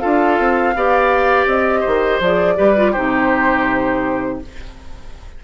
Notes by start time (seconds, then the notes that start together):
0.00 D4 F4 A4 F5
0.39 C4
0.75 B3 G4 D5
1.47 C4 D#5
1.80 C5
1.87 D#3
2.20 F3 G#4 D5
2.57 G3 G4 B4
2.77 F4
2.92 C3 D#4 G4 C5